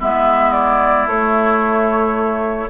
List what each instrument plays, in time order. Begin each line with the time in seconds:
0.00 bassoon G#3, clarinet B3, oboe E4, flute E5
0.53 flute D5
1.07 bassoon A3, clarinet A3, flute C#5